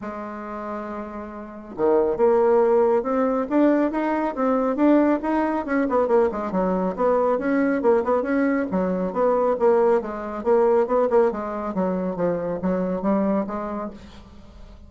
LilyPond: \new Staff \with { instrumentName = "bassoon" } { \time 4/4 \tempo 4 = 138 gis1 | dis4 ais2 c'4 | d'4 dis'4 c'4 d'4 | dis'4 cis'8 b8 ais8 gis8 fis4 |
b4 cis'4 ais8 b8 cis'4 | fis4 b4 ais4 gis4 | ais4 b8 ais8 gis4 fis4 | f4 fis4 g4 gis4 | }